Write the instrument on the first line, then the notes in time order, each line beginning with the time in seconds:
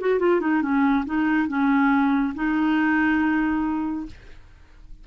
clarinet
0.00 F#4
0.19 F4
0.41 D#4
0.62 C#4
1.06 D#4
1.48 C#4
2.35 D#4